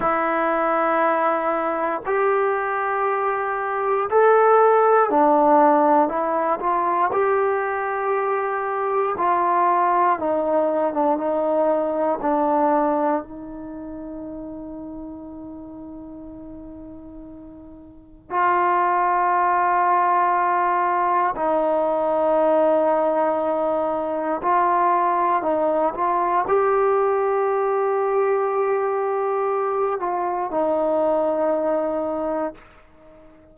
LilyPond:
\new Staff \with { instrumentName = "trombone" } { \time 4/4 \tempo 4 = 59 e'2 g'2 | a'4 d'4 e'8 f'8 g'4~ | g'4 f'4 dis'8. d'16 dis'4 | d'4 dis'2.~ |
dis'2 f'2~ | f'4 dis'2. | f'4 dis'8 f'8 g'2~ | g'4. f'8 dis'2 | }